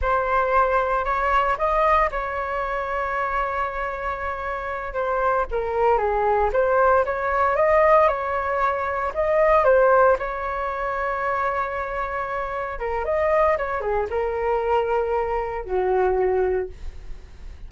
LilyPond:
\new Staff \with { instrumentName = "flute" } { \time 4/4 \tempo 4 = 115 c''2 cis''4 dis''4 | cis''1~ | cis''4. c''4 ais'4 gis'8~ | gis'8 c''4 cis''4 dis''4 cis''8~ |
cis''4. dis''4 c''4 cis''8~ | cis''1~ | cis''8 ais'8 dis''4 cis''8 gis'8 ais'4~ | ais'2 fis'2 | }